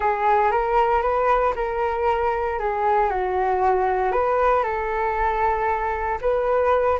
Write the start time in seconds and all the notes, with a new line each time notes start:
0.00 G#4
0.51 A#4
1.02 B4
1.55 A#4
2.59 G#4
3.10 F#4
4.12 B4
4.63 A4
6.21 B4